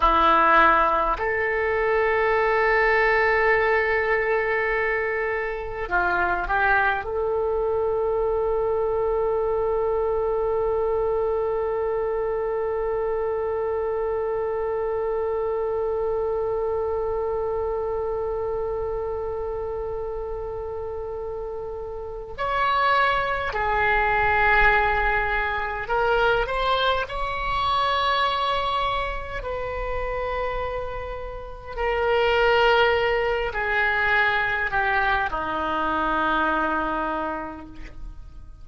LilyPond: \new Staff \with { instrumentName = "oboe" } { \time 4/4 \tempo 4 = 51 e'4 a'2.~ | a'4 f'8 g'8 a'2~ | a'1~ | a'1~ |
a'2. cis''4 | gis'2 ais'8 c''8 cis''4~ | cis''4 b'2 ais'4~ | ais'8 gis'4 g'8 dis'2 | }